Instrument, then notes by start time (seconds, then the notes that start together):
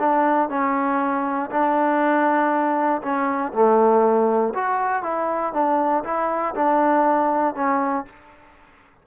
trombone
0.00 D4
0.50 C#4
1.51 D4
3.02 C#4
3.53 A3
4.55 F#4
5.03 E4
5.53 D4
6.05 E4
6.55 D4
7.55 C#4